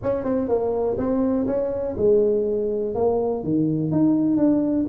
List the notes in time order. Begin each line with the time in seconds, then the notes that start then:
0.02 C#4
0.24 C4
0.48 A#3
0.97 C4
1.46 C#4
1.97 G#3
2.94 A#3
3.43 D#3
3.91 D#4
4.37 D4